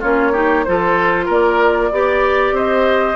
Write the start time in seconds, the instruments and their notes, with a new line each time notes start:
0.00 bassoon A#3, clarinet C#4, oboe F4, flute C#5
0.32 clarinet D#4, oboe G4
0.64 bassoon F3, clarinet F4, oboe A4, flute C5
1.26 bassoon A#3, oboe A#4, flute D5
1.92 bassoon B3, clarinet G4, oboe D5
2.52 bassoon C4, oboe C5, flute D#5